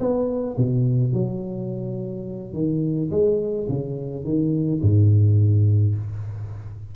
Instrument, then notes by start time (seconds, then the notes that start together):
tuba
0.00 B3
0.58 B2
1.13 F#3
2.53 D#3
3.11 G#3
3.69 C#3
4.24 D#3
4.82 G#2